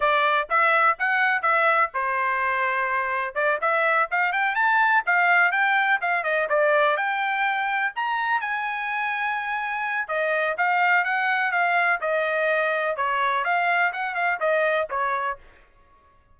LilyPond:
\new Staff \with { instrumentName = "trumpet" } { \time 4/4 \tempo 4 = 125 d''4 e''4 fis''4 e''4 | c''2. d''8 e''8~ | e''8 f''8 g''8 a''4 f''4 g''8~ | g''8 f''8 dis''8 d''4 g''4.~ |
g''8 ais''4 gis''2~ gis''8~ | gis''4 dis''4 f''4 fis''4 | f''4 dis''2 cis''4 | f''4 fis''8 f''8 dis''4 cis''4 | }